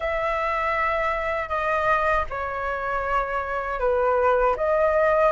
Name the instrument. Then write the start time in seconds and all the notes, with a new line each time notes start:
flute
0.00 E5
1.48 D#5
2.30 C#5
3.79 B4
4.56 D#5